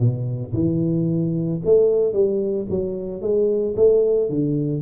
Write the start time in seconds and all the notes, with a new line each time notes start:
0.00 B2
0.54 E3
1.66 A3
2.13 G3
2.70 F#3
3.22 G#3
3.76 A3
4.30 D3